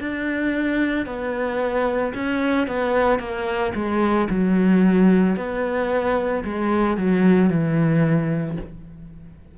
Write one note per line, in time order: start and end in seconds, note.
0.00 1.06 D4
1.06 2.13 B3
2.14 2.67 C#4
2.67 3.19 B3
3.19 3.73 A#3
3.75 4.29 G#3
4.30 5.37 F#3
5.37 6.44 B3
6.45 6.97 G#3
6.97 7.50 F#3
7.50 8.57 E3